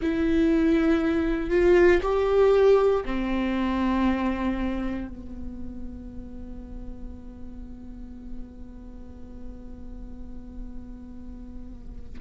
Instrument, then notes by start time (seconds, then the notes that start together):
viola
0.01 E4
1.50 F4
2.02 G4
3.05 C4
5.08 B3